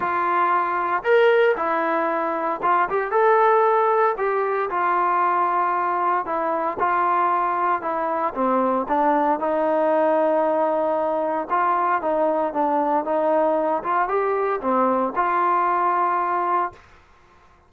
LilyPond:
\new Staff \with { instrumentName = "trombone" } { \time 4/4 \tempo 4 = 115 f'2 ais'4 e'4~ | e'4 f'8 g'8 a'2 | g'4 f'2. | e'4 f'2 e'4 |
c'4 d'4 dis'2~ | dis'2 f'4 dis'4 | d'4 dis'4. f'8 g'4 | c'4 f'2. | }